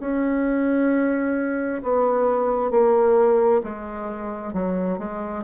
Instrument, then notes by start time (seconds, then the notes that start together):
bassoon
0.00 C#4
1.83 B3
2.71 A#3
3.63 G#3
4.53 F#3
4.98 G#3